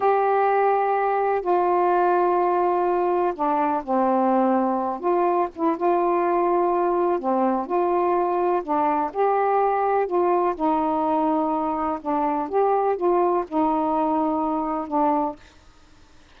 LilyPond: \new Staff \with { instrumentName = "saxophone" } { \time 4/4 \tempo 4 = 125 g'2. f'4~ | f'2. d'4 | c'2~ c'8 f'4 e'8 | f'2. c'4 |
f'2 d'4 g'4~ | g'4 f'4 dis'2~ | dis'4 d'4 g'4 f'4 | dis'2. d'4 | }